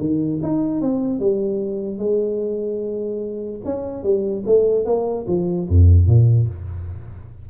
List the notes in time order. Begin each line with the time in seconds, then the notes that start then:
0.00 D#3
0.43 D#4
0.81 C4
1.20 G3
1.99 G#3
3.65 C#4
4.03 G3
4.46 A3
4.85 A#3
5.28 F3
5.69 F2
6.07 A#2